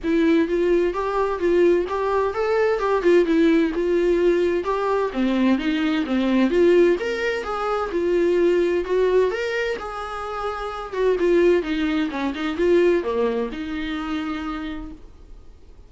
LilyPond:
\new Staff \with { instrumentName = "viola" } { \time 4/4 \tempo 4 = 129 e'4 f'4 g'4 f'4 | g'4 a'4 g'8 f'8 e'4 | f'2 g'4 c'4 | dis'4 c'4 f'4 ais'4 |
gis'4 f'2 fis'4 | ais'4 gis'2~ gis'8 fis'8 | f'4 dis'4 cis'8 dis'8 f'4 | ais4 dis'2. | }